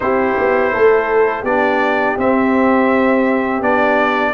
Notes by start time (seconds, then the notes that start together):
0.00 C4 E4 G4 C5
0.37 B3
0.73 A3 A4
1.42 B3 D4 G4 D5
2.17 C4 E5
3.61 B3 D4 D5